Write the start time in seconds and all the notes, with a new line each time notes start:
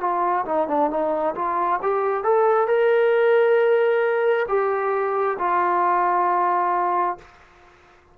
0.00 F4
0.45 D#4
0.68 D4
0.90 D#4
1.35 F4
1.82 G4
2.24 A4
2.67 A#4
4.48 G4
5.38 F4